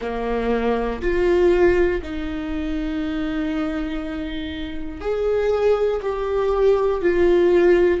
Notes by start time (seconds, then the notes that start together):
0.00 A#3
1.01 F4
2.02 D#4
5.00 G#4
6.02 G4
7.02 F4